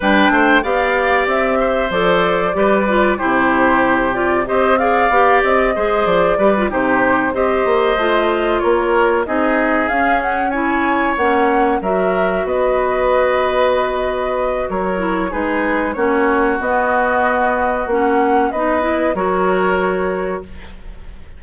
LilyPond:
<<
  \new Staff \with { instrumentName = "flute" } { \time 4/4 \tempo 4 = 94 g''4 f''4 e''4 d''4~ | d''4 c''4. d''8 dis''8 f''8~ | f''8 dis''4 d''4 c''4 dis''8~ | dis''4. cis''4 dis''4 f''8 |
fis''8 gis''4 fis''4 e''4 dis''8~ | dis''2. cis''4 | b'4 cis''4 dis''2 | fis''4 dis''4 cis''2 | }
  \new Staff \with { instrumentName = "oboe" } { \time 4/4 b'8 c''8 d''4. c''4. | b'4 g'2 c''8 d''8~ | d''4 c''4 b'8 g'4 c''8~ | c''4. ais'4 gis'4.~ |
gis'8 cis''2 ais'4 b'8~ | b'2. ais'4 | gis'4 fis'2.~ | fis'4 b'4 ais'2 | }
  \new Staff \with { instrumentName = "clarinet" } { \time 4/4 d'4 g'2 a'4 | g'8 f'8 e'4. f'8 g'8 gis'8 | g'4 gis'4 g'16 f'16 dis'4 g'8~ | g'8 f'2 dis'4 cis'8~ |
cis'8 e'4 cis'4 fis'4.~ | fis'2.~ fis'8 e'8 | dis'4 cis'4 b2 | cis'4 dis'8 e'8 fis'2 | }
  \new Staff \with { instrumentName = "bassoon" } { \time 4/4 g8 a8 b4 c'4 f4 | g4 c2 c'4 | b8 c'8 gis8 f8 g8 c4 c'8 | ais8 a4 ais4 c'4 cis'8~ |
cis'4. ais4 fis4 b8~ | b2. fis4 | gis4 ais4 b2 | ais4 b4 fis2 | }
>>